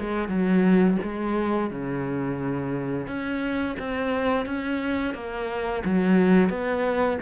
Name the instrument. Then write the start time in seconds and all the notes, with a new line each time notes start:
cello
0.00 G#3
0.29 F#3
1.03 G#3
1.71 C#3
3.07 C#4
3.79 C4
4.46 C#4
5.14 A#3
5.85 F#3
6.50 B3